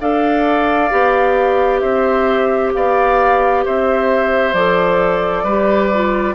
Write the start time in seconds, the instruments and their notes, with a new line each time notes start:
0.00 bassoon D4, clarinet A4, oboe D5, flute F5
0.90 bassoon B3, clarinet G4
1.80 bassoon C4, oboe C5, flute E5
2.74 bassoon B3, oboe D5, flute F5
3.65 bassoon C4, oboe C5, flute E5
4.53 bassoon F3, clarinet A4, flute D5
5.43 bassoon G3, clarinet G4, oboe B4
5.94 clarinet F4